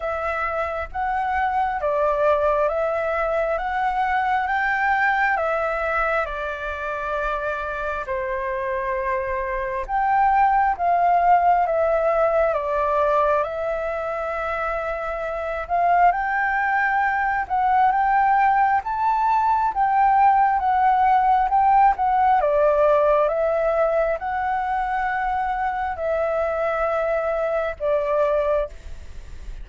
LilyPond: \new Staff \with { instrumentName = "flute" } { \time 4/4 \tempo 4 = 67 e''4 fis''4 d''4 e''4 | fis''4 g''4 e''4 d''4~ | d''4 c''2 g''4 | f''4 e''4 d''4 e''4~ |
e''4. f''8 g''4. fis''8 | g''4 a''4 g''4 fis''4 | g''8 fis''8 d''4 e''4 fis''4~ | fis''4 e''2 d''4 | }